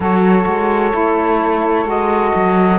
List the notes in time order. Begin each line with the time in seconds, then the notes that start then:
0.00 F#3 F#4 A4 C#5
0.46 G#3
0.91 A3 E4
1.85 G#3 F#4 D#5
2.35 F#3